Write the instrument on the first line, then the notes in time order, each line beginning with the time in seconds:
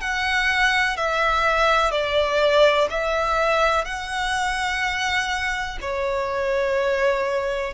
violin
0.00 F#5
0.97 E5
1.91 D5
2.90 E5
3.84 F#5
5.81 C#5